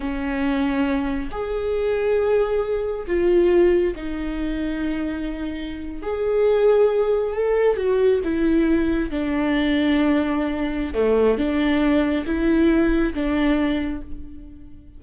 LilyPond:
\new Staff \with { instrumentName = "viola" } { \time 4/4 \tempo 4 = 137 cis'2. gis'4~ | gis'2. f'4~ | f'4 dis'2.~ | dis'4.~ dis'16 gis'2~ gis'16~ |
gis'8. a'4 fis'4 e'4~ e'16~ | e'8. d'2.~ d'16~ | d'4 a4 d'2 | e'2 d'2 | }